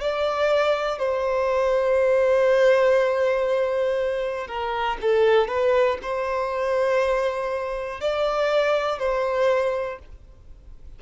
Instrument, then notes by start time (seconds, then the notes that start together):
violin
0.00 D5
0.98 C5
4.47 A#4
5.01 A4
5.47 B4
6.02 C5
8.00 D5
8.99 C5